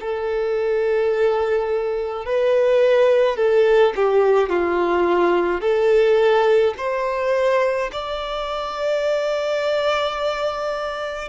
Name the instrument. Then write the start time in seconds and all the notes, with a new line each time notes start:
violin
0.00 A4
2.25 B4
3.37 A4
3.96 G4
4.49 F4
5.61 A4
6.77 C5
7.92 D5